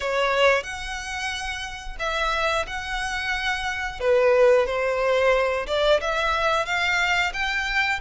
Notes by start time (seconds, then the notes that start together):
0.00 C#5
0.63 F#5
1.99 E5
2.66 F#5
4.00 B4
4.66 C5
5.67 D5
6.00 E5
6.65 F5
7.33 G5